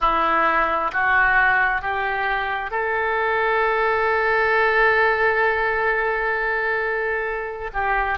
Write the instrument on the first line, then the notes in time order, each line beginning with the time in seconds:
oboe
0.00 E4
0.92 F#4
1.81 G4
2.70 A4
7.73 G4